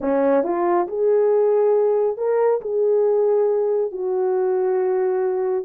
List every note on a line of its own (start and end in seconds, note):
0.00 0.43 C#4
0.43 0.87 F4
0.87 2.17 G#4
2.17 2.60 A#4
2.61 3.91 G#4
3.91 5.64 F#4